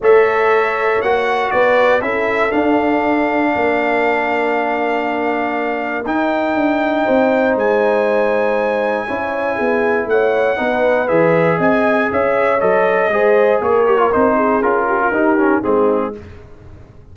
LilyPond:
<<
  \new Staff \with { instrumentName = "trumpet" } { \time 4/4 \tempo 4 = 119 e''2 fis''4 d''4 | e''4 f''2.~ | f''1 | g''2. gis''4~ |
gis''1 | fis''2 e''4 gis''4 | e''4 dis''2 cis''4 | c''4 ais'2 gis'4 | }
  \new Staff \with { instrumentName = "horn" } { \time 4/4 cis''2. b'4 | a'2. ais'4~ | ais'1~ | ais'2 c''2~ |
c''2 cis''4 gis'4 | cis''4 b'2 dis''4 | cis''2 c''4 ais'4~ | ais'8 gis'4 g'16 f'16 g'4 dis'4 | }
  \new Staff \with { instrumentName = "trombone" } { \time 4/4 a'2 fis'2 | e'4 d'2.~ | d'1 | dis'1~ |
dis'2 e'2~ | e'4 dis'4 gis'2~ | gis'4 a'4 gis'4. g'16 f'16 | dis'4 f'4 dis'8 cis'8 c'4 | }
  \new Staff \with { instrumentName = "tuba" } { \time 4/4 a2 ais4 b4 | cis'4 d'2 ais4~ | ais1 | dis'4 d'4 c'4 gis4~ |
gis2 cis'4 b4 | a4 b4 e4 c'4 | cis'4 fis4 gis4 ais4 | c'4 cis'4 dis'4 gis4 | }
>>